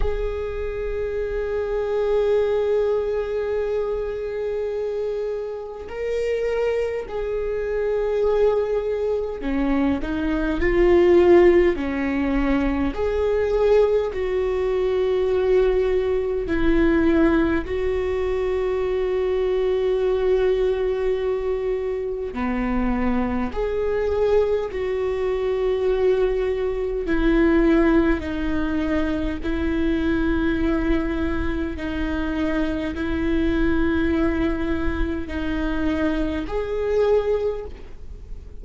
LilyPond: \new Staff \with { instrumentName = "viola" } { \time 4/4 \tempo 4 = 51 gis'1~ | gis'4 ais'4 gis'2 | cis'8 dis'8 f'4 cis'4 gis'4 | fis'2 e'4 fis'4~ |
fis'2. b4 | gis'4 fis'2 e'4 | dis'4 e'2 dis'4 | e'2 dis'4 gis'4 | }